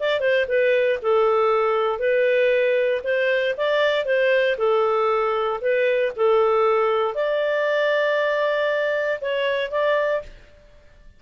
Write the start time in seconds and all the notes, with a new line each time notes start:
0.00 D5
0.21 C5
0.48 B4
1.02 A4
1.99 B4
3.04 C5
3.57 D5
4.06 C5
4.58 A4
5.61 B4
6.16 A4
7.15 D5
9.21 C#5
9.71 D5